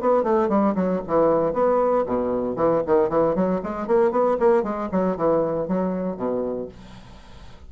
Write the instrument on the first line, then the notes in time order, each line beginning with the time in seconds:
bassoon
0.00 B3
0.23 A3
0.49 G3
0.75 F#3
1.07 E3
1.53 B3
2.05 B2
2.56 E3
2.86 D#3
3.09 E3
3.35 F#3
3.63 G#3
3.87 A#3
4.11 B3
4.39 A#3
4.63 G#3
4.91 F#3
5.16 E3
5.68 F#3
6.16 B2